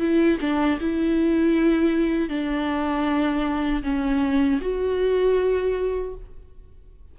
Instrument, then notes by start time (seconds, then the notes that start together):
viola
0.00 E4
0.41 D4
0.81 E4
2.29 D4
3.84 C#4
4.62 F#4